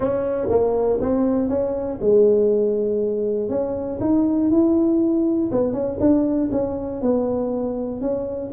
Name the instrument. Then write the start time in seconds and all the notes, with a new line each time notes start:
tuba
0.00 C#4
0.49 A#3
1.00 C4
1.49 C#4
2.00 G#3
3.49 C#4
4.00 D#4
4.50 E4
5.51 B3
5.73 C#4
6.00 D4
6.51 C#4
7.01 B3
8.01 C#4